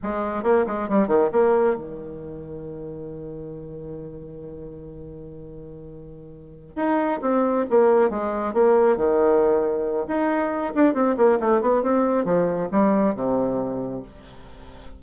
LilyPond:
\new Staff \with { instrumentName = "bassoon" } { \time 4/4 \tempo 4 = 137 gis4 ais8 gis8 g8 dis8 ais4 | dis1~ | dis1~ | dis2.~ dis8 dis'8~ |
dis'8 c'4 ais4 gis4 ais8~ | ais8 dis2~ dis8 dis'4~ | dis'8 d'8 c'8 ais8 a8 b8 c'4 | f4 g4 c2 | }